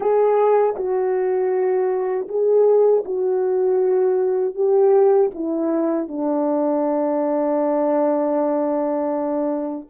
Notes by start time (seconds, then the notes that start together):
0.00 G#4
0.76 F#4
2.28 G#4
3.04 F#4
4.54 G4
5.34 E4
6.08 D4